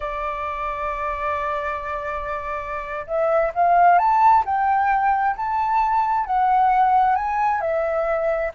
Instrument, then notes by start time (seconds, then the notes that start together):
flute
0.00 D5
3.06 E5
3.54 F5
3.98 A5
4.45 G5
5.36 A5
6.25 F#5
7.15 G#5
7.60 E5